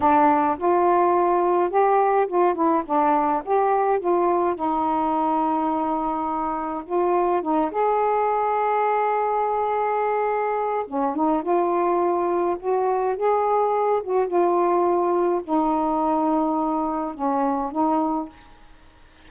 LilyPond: \new Staff \with { instrumentName = "saxophone" } { \time 4/4 \tempo 4 = 105 d'4 f'2 g'4 | f'8 e'8 d'4 g'4 f'4 | dis'1 | f'4 dis'8 gis'2~ gis'8~ |
gis'2. cis'8 dis'8 | f'2 fis'4 gis'4~ | gis'8 fis'8 f'2 dis'4~ | dis'2 cis'4 dis'4 | }